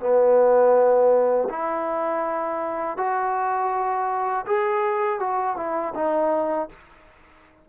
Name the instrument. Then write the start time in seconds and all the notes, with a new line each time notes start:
trombone
0.00 B3
1.50 E4
2.97 F#4
4.46 G#4
5.20 F#4
5.57 E4
5.95 D#4